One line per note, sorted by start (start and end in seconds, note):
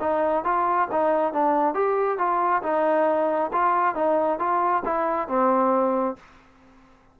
0.00 0.44 D#4
0.44 0.88 F4
0.91 1.33 D#4
1.33 1.74 D4
1.74 2.18 G4
2.18 2.62 F4
2.62 3.51 D#4
3.52 3.95 F4
3.95 4.39 D#4
4.39 4.83 F4
4.85 5.28 E4
5.28 6.16 C4